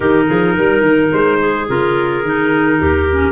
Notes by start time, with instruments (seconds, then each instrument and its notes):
0.00 tuba D#3, clarinet D#4 G4, trumpet A#4
0.27 tuba F3, clarinet G#4
0.57 tuba G3, clarinet A#4
0.81 tuba D#3
1.12 tuba G#3, trumpet C5
1.39 clarinet G#4
1.68 tuba C#3, clarinet F4, trumpet A#4
2.23 tuba D#3, clarinet D#4
2.79 tuba D#2, clarinet G4
3.10 clarinet C#4